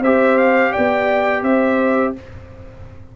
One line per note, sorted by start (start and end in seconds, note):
0.00 0.71 C4
0.00 2.16 G4
0.00 0.71 C5
0.00 0.37 E5
0.37 0.72 F5
0.71 1.42 B3
0.71 1.42 D5
0.71 1.43 G5
1.42 2.12 C4
1.42 2.13 C5
1.42 2.14 E5